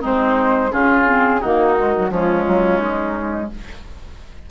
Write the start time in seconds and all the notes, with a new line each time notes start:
0.00 G#3 C4 D#4 C5
0.70 C#3 C#4 F4 G#4
1.05 C4
1.40 D#3 A#3 D#4 F#4
1.76 G#3
1.96 F#3
2.10 F3 G#3 C#4 F4
2.47 F#3
2.79 G#3 D#4